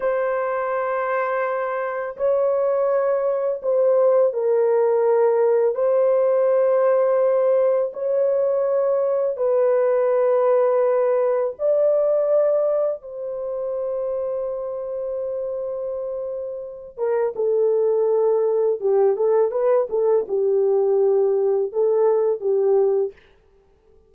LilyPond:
\new Staff \with { instrumentName = "horn" } { \time 4/4 \tempo 4 = 83 c''2. cis''4~ | cis''4 c''4 ais'2 | c''2. cis''4~ | cis''4 b'2. |
d''2 c''2~ | c''2.~ c''8 ais'8 | a'2 g'8 a'8 b'8 a'8 | g'2 a'4 g'4 | }